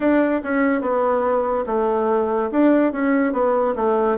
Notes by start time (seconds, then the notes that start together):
0.00 D4
0.43 C#4
0.81 B3
1.66 A3
2.52 D4
2.92 C#4
3.32 B3
3.75 A3